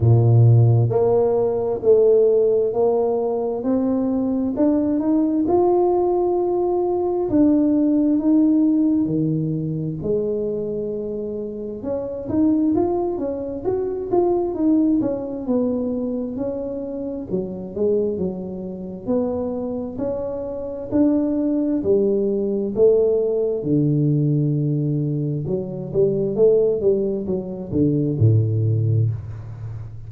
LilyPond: \new Staff \with { instrumentName = "tuba" } { \time 4/4 \tempo 4 = 66 ais,4 ais4 a4 ais4 | c'4 d'8 dis'8 f'2 | d'4 dis'4 dis4 gis4~ | gis4 cis'8 dis'8 f'8 cis'8 fis'8 f'8 |
dis'8 cis'8 b4 cis'4 fis8 gis8 | fis4 b4 cis'4 d'4 | g4 a4 d2 | fis8 g8 a8 g8 fis8 d8 a,4 | }